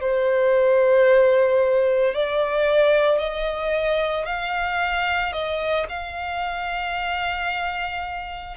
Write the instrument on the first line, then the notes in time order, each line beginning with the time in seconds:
violin
0.00 C5
2.14 D5
3.19 D#5
4.25 F5
5.32 D#5
5.89 F5